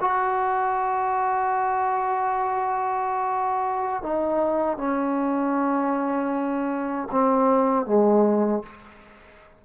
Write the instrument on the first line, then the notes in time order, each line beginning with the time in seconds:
trombone
0.00 F#4
4.02 D#4
4.77 C#4
7.11 C4
7.86 G#3